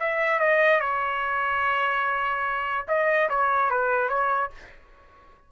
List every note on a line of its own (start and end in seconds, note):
0.00 0.40 E5
0.40 0.80 D#5
0.80 2.86 C#5
2.88 3.29 D#5
3.30 3.70 C#5
3.70 4.09 B4
4.09 4.50 C#5